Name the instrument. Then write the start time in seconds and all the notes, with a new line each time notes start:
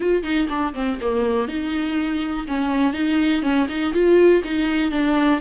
viola
0.00 F4
0.23 D#4
0.49 D4
0.74 C4
1.01 A#3
1.48 D#4
2.47 C#4
2.93 D#4
3.42 C#4
3.68 D#4
3.93 F4
4.44 D#4
4.91 D4